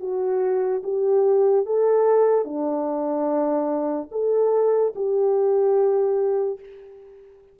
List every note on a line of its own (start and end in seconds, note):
0.00 0.82 F#4
0.84 1.66 G4
1.66 2.44 A4
2.44 4.09 D4
4.11 4.94 A4
4.95 6.59 G4